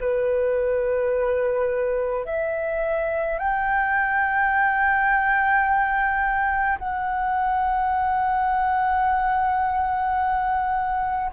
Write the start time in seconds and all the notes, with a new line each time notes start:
0.00 B4
2.25 E5
3.39 G5
6.78 F#5